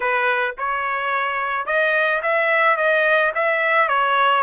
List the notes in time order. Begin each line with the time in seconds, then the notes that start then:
0.00 B4
0.58 C#5
1.66 D#5
2.22 E5
2.76 D#5
3.35 E5
3.88 C#5